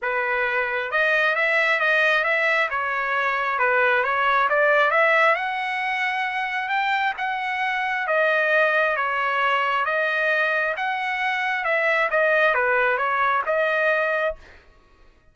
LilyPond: \new Staff \with { instrumentName = "trumpet" } { \time 4/4 \tempo 4 = 134 b'2 dis''4 e''4 | dis''4 e''4 cis''2 | b'4 cis''4 d''4 e''4 | fis''2. g''4 |
fis''2 dis''2 | cis''2 dis''2 | fis''2 e''4 dis''4 | b'4 cis''4 dis''2 | }